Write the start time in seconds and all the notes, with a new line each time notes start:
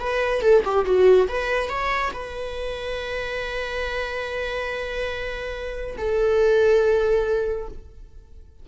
0.00 B4
0.42 A4
0.65 G4
0.86 F#4
1.29 B4
1.70 C#5
2.14 B4
5.98 A4